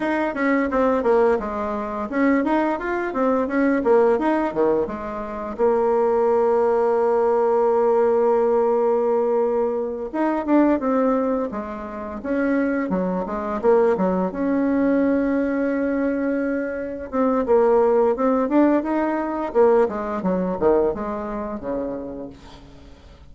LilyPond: \new Staff \with { instrumentName = "bassoon" } { \time 4/4 \tempo 4 = 86 dis'8 cis'8 c'8 ais8 gis4 cis'8 dis'8 | f'8 c'8 cis'8 ais8 dis'8 dis8 gis4 | ais1~ | ais2~ ais8 dis'8 d'8 c'8~ |
c'8 gis4 cis'4 fis8 gis8 ais8 | fis8 cis'2.~ cis'8~ | cis'8 c'8 ais4 c'8 d'8 dis'4 | ais8 gis8 fis8 dis8 gis4 cis4 | }